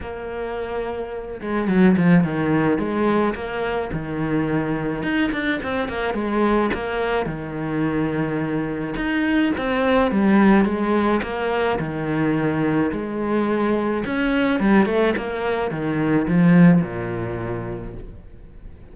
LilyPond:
\new Staff \with { instrumentName = "cello" } { \time 4/4 \tempo 4 = 107 ais2~ ais8 gis8 fis8 f8 | dis4 gis4 ais4 dis4~ | dis4 dis'8 d'8 c'8 ais8 gis4 | ais4 dis2. |
dis'4 c'4 g4 gis4 | ais4 dis2 gis4~ | gis4 cis'4 g8 a8 ais4 | dis4 f4 ais,2 | }